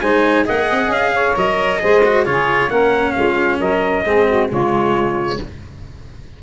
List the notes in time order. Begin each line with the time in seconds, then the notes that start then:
0.00 G#3 D#4 C5 G#5
0.45 A#3 G#4 D#5 F#5
0.71 C4
0.88 C#4 F5
1.13 C#5
1.36 F#3 A#4 D#5
1.79 G#3 G#4 C5
2.05 F#4
2.25 C#3 F4 G#4 C#5
2.69 A#3 C#4 A#4 F#5
3.12 G#3 F4 F5
3.59 F#3 A#4 D#5
4.05 G#3 C4 G#4
4.27 F#4
4.49 C#3 G#3 F4 C#5